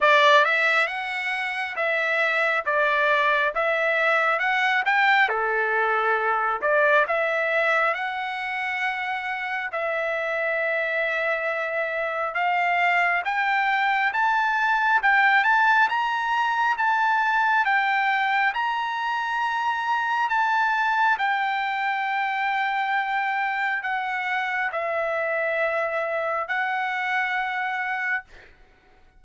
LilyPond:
\new Staff \with { instrumentName = "trumpet" } { \time 4/4 \tempo 4 = 68 d''8 e''8 fis''4 e''4 d''4 | e''4 fis''8 g''8 a'4. d''8 | e''4 fis''2 e''4~ | e''2 f''4 g''4 |
a''4 g''8 a''8 ais''4 a''4 | g''4 ais''2 a''4 | g''2. fis''4 | e''2 fis''2 | }